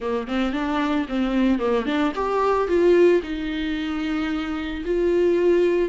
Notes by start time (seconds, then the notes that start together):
0.00 A#3
0.27 C4
0.52 D4
1.08 C4
1.58 A#3
1.85 D4
2.15 G4
2.67 F4
3.22 D#4
4.85 F4